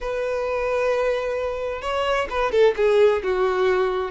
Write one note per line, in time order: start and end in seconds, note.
0.00 1.81 B4
1.81 2.27 C#5
2.30 2.51 B4
2.51 2.74 A4
2.76 3.22 G#4
3.23 4.11 F#4